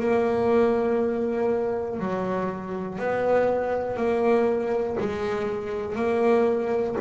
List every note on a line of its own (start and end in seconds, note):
0.00 2.00 A#3
2.00 2.99 F#3
2.99 3.96 B3
3.96 4.96 A#3
5.00 5.96 G#3
5.96 6.96 A#3